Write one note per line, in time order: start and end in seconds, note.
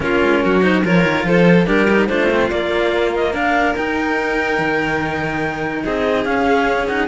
0.00 0.21 A#3
0.00 0.61 C#4
0.00 0.43 F4
0.00 0.62 A#4
0.22 0.43 G#3
0.43 0.84 F#3
0.43 0.84 F#4
0.61 0.82 D#4
0.61 0.84 C5
0.84 1.04 F3
0.84 1.66 F4
0.84 1.26 A#4
0.84 1.27 C#5
1.04 1.23 D#3
1.23 1.65 F3
1.23 1.66 A4
1.23 1.66 C5
1.66 2.09 G3
1.66 1.86 D4
1.66 2.08 G4
1.66 2.06 A#4
1.90 2.09 D#4
2.06 2.50 A3
2.06 2.30 D4
2.06 3.33 F4
2.06 2.48 C5
2.30 2.51 C4
2.50 3.75 A#3
2.50 3.33 A#3
2.50 3.12 D5
3.15 3.33 D#5
3.33 3.75 D4
3.33 5.83 A#4
3.33 3.75 F5
3.75 6.25 D#4
3.75 4.58 D#4
3.75 5.84 G5
4.58 5.83 D#3
5.84 6.25 C4
5.84 7.07 G#4
5.84 6.24 D#5
6.24 6.87 C#4
6.24 7.07 C#4
6.24 6.86 F5
6.87 7.07 D#4
6.87 7.07 F#5